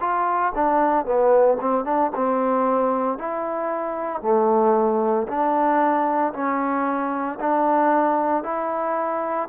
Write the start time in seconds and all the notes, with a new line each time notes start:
0.00 F4
0.55 D4
1.05 B3
1.61 C4
1.85 D4
2.15 C4
3.18 E4
4.22 A3
5.28 D4
6.33 C#4
7.40 D4
8.43 E4